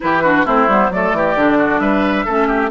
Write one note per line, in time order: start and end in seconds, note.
0.00 0.45 E3
0.00 0.21 E4
0.00 0.22 G4
0.00 0.46 B4
0.22 0.45 D4
0.22 0.45 F#4
0.45 0.67 A3
0.45 0.68 C4
0.45 0.90 E4
0.45 0.91 C5
0.67 0.89 G3
0.67 0.92 B3
0.89 1.11 F#3
0.89 1.37 A3
0.89 1.17 A4
0.89 1.79 D5
1.12 1.34 E3
1.12 1.58 G4
1.34 1.79 D3
1.34 2.27 D4
1.58 1.80 F#4
1.79 2.24 G3
1.79 2.25 B4
1.79 2.70 E5
2.25 2.70 A3
2.25 2.70 C#4
2.25 2.47 A4
2.47 2.70 G4